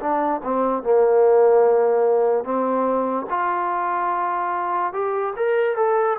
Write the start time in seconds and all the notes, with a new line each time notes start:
0.00 D4
0.44 C4
0.83 A#3
2.44 C4
3.30 F4
4.93 G4
5.37 A#4
5.76 A4